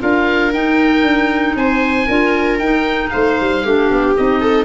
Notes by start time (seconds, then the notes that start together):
0.00 D4 F4 A#4 F5
0.53 D#4 G5
1.03 D4
1.55 C4 C5 G#5
2.06 D4 F4 A#4
2.59 D#4 G5
3.10 A3 C5 F5
3.40 G3
3.64 A3 D4 G4
3.90 B3
4.16 C4 D#4 D#5
4.41 A4